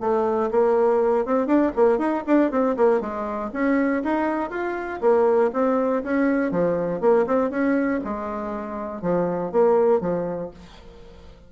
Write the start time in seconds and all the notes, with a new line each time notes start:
0.00 A3
0.51 A#3
1.25 C4
1.46 D4
1.76 A#3
1.98 D#4
2.26 D4
2.51 C4
2.76 A#3
3.01 G#3
3.53 C#4
4.03 D#4
4.50 F4
5.01 A#3
5.53 C4
6.03 C#4
6.51 F3
7.01 A#3
7.26 C4
7.50 C#4
8.04 G#3
9.02 F3
9.52 A#3
10.00 F3